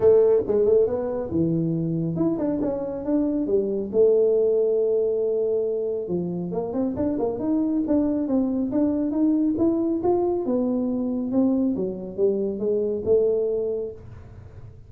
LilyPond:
\new Staff \with { instrumentName = "tuba" } { \time 4/4 \tempo 4 = 138 a4 gis8 a8 b4 e4~ | e4 e'8 d'8 cis'4 d'4 | g4 a2.~ | a2 f4 ais8 c'8 |
d'8 ais8 dis'4 d'4 c'4 | d'4 dis'4 e'4 f'4 | b2 c'4 fis4 | g4 gis4 a2 | }